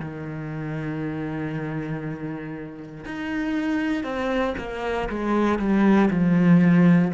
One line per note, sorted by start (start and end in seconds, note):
0.00 3.05 D#3
3.06 4.04 D#4
4.04 4.55 C4
4.59 5.09 A#3
5.09 5.59 G#3
5.59 6.10 G3
6.11 7.12 F3